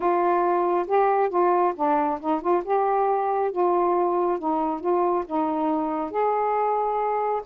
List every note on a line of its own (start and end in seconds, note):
0.00 0.86 F4
0.87 1.29 G4
1.29 1.73 F4
1.75 2.19 D4
2.20 2.41 D#4
2.41 2.63 F4
2.64 3.51 G4
3.51 4.38 F4
4.38 4.80 D#4
4.80 5.24 F4
5.26 6.10 D#4
6.10 7.42 G#4